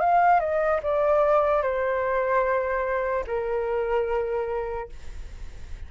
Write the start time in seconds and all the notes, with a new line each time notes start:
0.00 F5
0.40 D#5
0.83 D5
1.63 C5
3.27 A#4